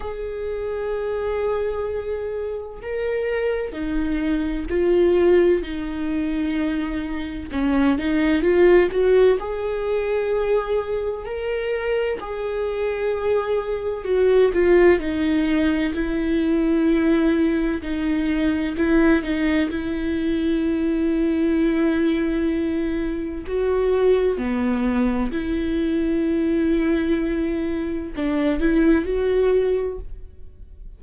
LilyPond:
\new Staff \with { instrumentName = "viola" } { \time 4/4 \tempo 4 = 64 gis'2. ais'4 | dis'4 f'4 dis'2 | cis'8 dis'8 f'8 fis'8 gis'2 | ais'4 gis'2 fis'8 f'8 |
dis'4 e'2 dis'4 | e'8 dis'8 e'2.~ | e'4 fis'4 b4 e'4~ | e'2 d'8 e'8 fis'4 | }